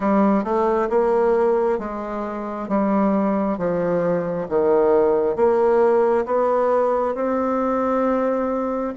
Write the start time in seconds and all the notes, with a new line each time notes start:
0.00 G3
0.44 A3
0.90 A#3
1.79 G#3
2.68 G3
3.57 F3
4.49 D#3
5.35 A#3
6.25 B3
7.14 C4